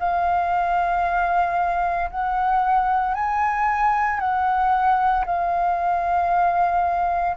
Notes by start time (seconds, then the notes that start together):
0.00 F5
2.11 F#5
3.15 G#5
4.20 F#5
5.26 F5